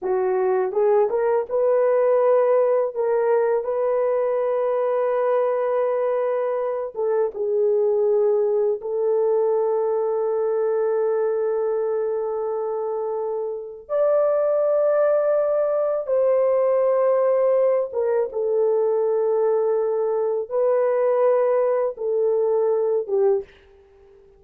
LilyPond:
\new Staff \with { instrumentName = "horn" } { \time 4/4 \tempo 4 = 82 fis'4 gis'8 ais'8 b'2 | ais'4 b'2.~ | b'4. a'8 gis'2 | a'1~ |
a'2. d''4~ | d''2 c''2~ | c''8 ais'8 a'2. | b'2 a'4. g'8 | }